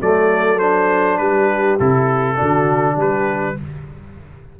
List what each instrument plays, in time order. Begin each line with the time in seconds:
0.00 tuba F#3, trombone A3, horn A4, trumpet D5
0.59 trombone D4, trumpet C5
1.17 tuba G3, horn G4, trumpet B4
1.79 tuba C3, trombone E4, trumpet A4
2.36 tuba D3, trombone D4, horn F#4
2.93 tuba G3, horn G4
3.00 trumpet B4